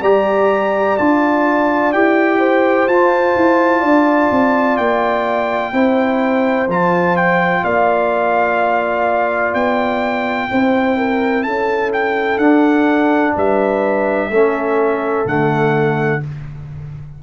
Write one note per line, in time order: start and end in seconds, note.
0.00 0.95 G3
0.00 0.98 G4
0.00 2.38 D5
0.00 0.97 A#5
0.97 1.93 D4
0.97 1.93 F4
0.97 1.92 A5
1.92 2.87 E4
1.92 2.89 G4
1.92 2.87 G5
2.38 3.80 C5
2.87 3.35 F4
2.87 5.73 F4
2.87 4.77 A5
3.36 3.82 E4
3.80 4.30 D4
3.80 5.70 D5
4.30 4.78 C4
4.77 5.72 A#3
4.77 6.67 G5
5.72 6.67 C4
5.72 6.68 E4
5.72 7.63 C5
6.67 7.62 F3
6.67 10.49 F4
6.67 7.16 A5
7.16 7.64 G5
7.63 9.53 A#3
7.63 10.49 D5
7.63 9.54 F5
9.53 10.49 B3
9.53 11.43 G5
10.49 11.45 C4
10.49 12.40 E4
10.49 10.96 C5
10.96 11.44 A#4
11.43 12.37 C#4
11.43 13.34 A4
11.43 11.90 A5
11.92 12.38 G5
12.37 13.32 D4
12.37 14.30 D4
12.37 13.33 F#5
13.36 14.29 G3
13.36 14.29 B4
13.36 15.27 E5
14.29 15.25 A3
14.29 15.25 C#4
14.29 16.20 A4
15.25 16.20 D3
15.25 16.20 A3
15.25 16.22 F#5